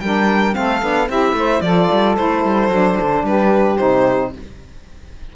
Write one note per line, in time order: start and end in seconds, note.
0.00 0.55 G3
0.00 0.53 D4
0.00 0.56 A#4
0.00 0.54 G5
0.53 0.82 A3
0.53 0.80 C4
0.53 1.09 A4
0.53 1.08 F5
0.81 1.08 B3
0.81 1.08 D4
1.08 1.32 C4
1.08 1.62 E4
1.08 1.36 G4
1.08 1.61 E5
1.32 1.59 A3
1.32 1.62 C5
1.61 1.88 F3
1.61 2.16 F4
1.61 3.24 A4
1.61 2.15 D5
1.91 2.18 G3
2.16 2.44 A3
2.16 2.70 E4
2.16 3.25 C5
2.44 2.68 G3
2.68 2.95 F#3
2.68 3.78 D4
3.00 3.23 D3
3.23 3.77 G3
3.23 4.33 G4
3.23 3.77 B4
3.77 4.35 C3
3.77 4.32 D#4
3.77 4.31 C5